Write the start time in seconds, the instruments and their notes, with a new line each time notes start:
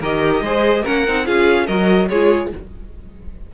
0.00 cello D#3, viola G4, violin A#4 D#5
0.41 cello G#3, viola G#4, violin C5
0.83 cello A#3, viola C#4, violin A#4 F#5
1.07 cello C4, viola D#4
1.25 cello C#4, viola F4, violin G#4 F5
1.66 cello F#3, viola F#4, violin A#4 D#5
2.08 cello G#3, viola F4, violin G#4 C#5